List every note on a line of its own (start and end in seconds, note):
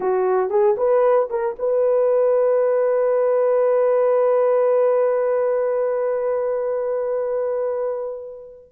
0.00 0.50 F#4
0.50 0.75 G#4
0.77 1.28 B4
1.30 1.55 A#4
1.58 8.72 B4